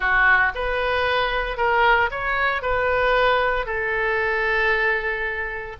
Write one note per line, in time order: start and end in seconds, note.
0.00 0.52 F#4
0.55 1.57 B4
1.57 2.10 A#4
2.10 2.62 C#5
2.62 3.66 B4
3.66 5.76 A4